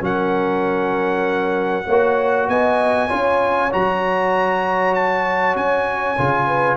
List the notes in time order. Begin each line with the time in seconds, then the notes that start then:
0.00 F#3 C#4 A#4 F#5
1.86 A#3 F#4 C#5
2.48 B3 D#5 G#5
3.09 C#4 F4 C#5
3.72 F#3 F#4 A#5
4.94 A5
5.56 C#4 G#5
6.18 C#3 F4
6.47 B4